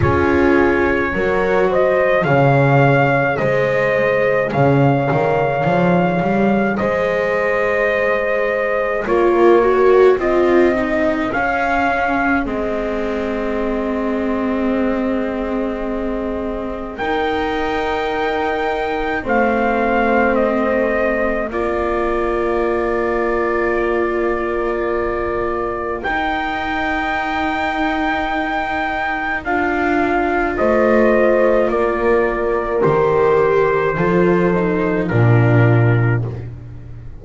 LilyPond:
<<
  \new Staff \with { instrumentName = "trumpet" } { \time 4/4 \tempo 4 = 53 cis''4. dis''8 f''4 dis''4 | f''2 dis''2 | cis''4 dis''4 f''4 dis''4~ | dis''2. g''4~ |
g''4 f''4 dis''4 d''4~ | d''2. g''4~ | g''2 f''4 dis''4 | d''4 c''2 ais'4 | }
  \new Staff \with { instrumentName = "horn" } { \time 4/4 gis'4 ais'8 c''8 cis''4 c''4 | cis''2 c''2 | ais'4 gis'2.~ | gis'2. ais'4~ |
ais'4 c''2 ais'4~ | ais'1~ | ais'2. c''4 | ais'2 a'4 f'4 | }
  \new Staff \with { instrumentName = "viola" } { \time 4/4 f'4 fis'4 gis'2~ | gis'1 | f'8 fis'8 f'8 dis'8 cis'4 c'4~ | c'2. dis'4~ |
dis'4 c'2 f'4~ | f'2. dis'4~ | dis'2 f'2~ | f'4 g'4 f'8 dis'8 d'4 | }
  \new Staff \with { instrumentName = "double bass" } { \time 4/4 cis'4 fis4 cis4 gis4 | cis8 dis8 f8 g8 gis2 | ais4 c'4 cis'4 gis4~ | gis2. dis'4~ |
dis'4 a2 ais4~ | ais2. dis'4~ | dis'2 d'4 a4 | ais4 dis4 f4 ais,4 | }
>>